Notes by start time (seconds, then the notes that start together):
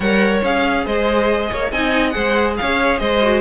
0.00 G3 A#4 C#5 F#5
0.43 C#4 G#4 F5
0.86 G#3 C5 D#5
1.51 A#3 C#5
1.71 C4 D#4 D#5 G#5
2.10 G#3 G#4 C5 F#5
2.57 C#4 C#5 F5
2.98 G#3 C5 D#5
3.22 F#4